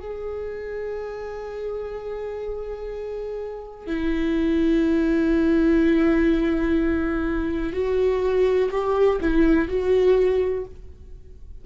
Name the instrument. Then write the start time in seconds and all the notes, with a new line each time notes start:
viola
0.00 G#4
3.87 E4
7.73 F#4
8.71 G4
9.21 E4
9.69 F#4